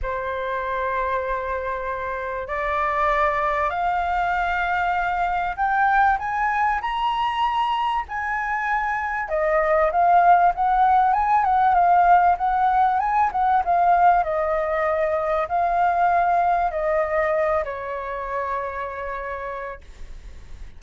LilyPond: \new Staff \with { instrumentName = "flute" } { \time 4/4 \tempo 4 = 97 c''1 | d''2 f''2~ | f''4 g''4 gis''4 ais''4~ | ais''4 gis''2 dis''4 |
f''4 fis''4 gis''8 fis''8 f''4 | fis''4 gis''8 fis''8 f''4 dis''4~ | dis''4 f''2 dis''4~ | dis''8 cis''2.~ cis''8 | }